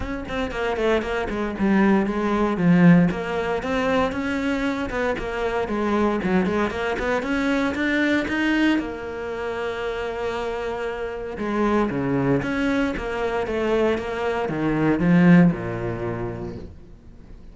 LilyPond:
\new Staff \with { instrumentName = "cello" } { \time 4/4 \tempo 4 = 116 cis'8 c'8 ais8 a8 ais8 gis8 g4 | gis4 f4 ais4 c'4 | cis'4. b8 ais4 gis4 | fis8 gis8 ais8 b8 cis'4 d'4 |
dis'4 ais2.~ | ais2 gis4 cis4 | cis'4 ais4 a4 ais4 | dis4 f4 ais,2 | }